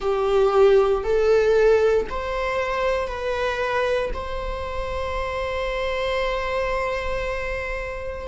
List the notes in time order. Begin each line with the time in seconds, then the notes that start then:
0.00 G4
1.03 A4
2.09 C5
3.07 B4
4.13 C5